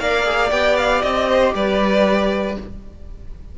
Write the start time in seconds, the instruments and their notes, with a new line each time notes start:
0.00 cello A#3, viola A#4, violin D5 F5
0.24 viola G#4
0.51 cello B3, viola G4, violin G5
0.78 violin F5
1.02 cello C4, violin D#5
1.29 violin C5
1.55 cello G3, violin B4 D5